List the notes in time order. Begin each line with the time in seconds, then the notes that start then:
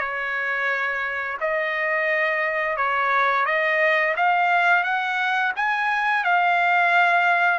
0.00 C#5
1.41 D#5
2.77 C#5
3.46 D#5
4.17 F5
4.84 F#5
5.56 G#5
6.24 F5